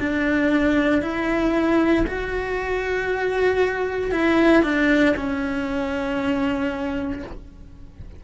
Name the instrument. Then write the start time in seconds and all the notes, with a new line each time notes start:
cello
0.00 D4
1.02 E4
2.07 F#4
4.11 E4
4.64 D4
5.17 C#4